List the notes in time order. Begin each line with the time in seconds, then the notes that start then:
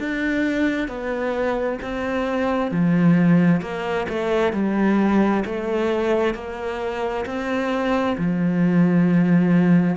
0.00 D4
0.88 B3
1.83 C4
2.72 F3
3.62 A#3
4.09 A3
4.53 G3
5.46 A3
6.35 A#3
7.26 C4
8.18 F3